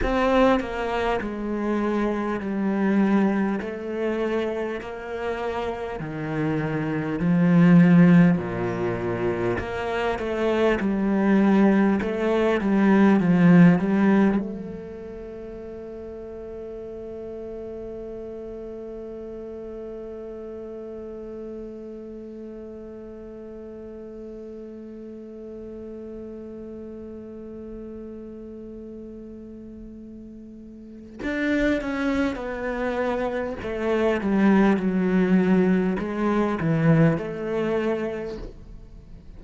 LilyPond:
\new Staff \with { instrumentName = "cello" } { \time 4/4 \tempo 4 = 50 c'8 ais8 gis4 g4 a4 | ais4 dis4 f4 ais,4 | ais8 a8 g4 a8 g8 f8 g8 | a1~ |
a1~ | a1~ | a2 d'8 cis'8 b4 | a8 g8 fis4 gis8 e8 a4 | }